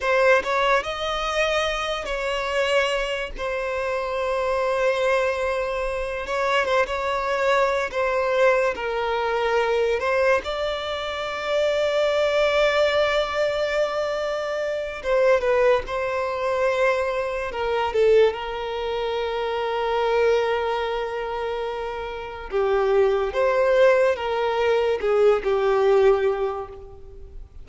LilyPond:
\new Staff \with { instrumentName = "violin" } { \time 4/4 \tempo 4 = 72 c''8 cis''8 dis''4. cis''4. | c''2.~ c''8 cis''8 | c''16 cis''4~ cis''16 c''4 ais'4. | c''8 d''2.~ d''8~ |
d''2 c''8 b'8 c''4~ | c''4 ais'8 a'8 ais'2~ | ais'2. g'4 | c''4 ais'4 gis'8 g'4. | }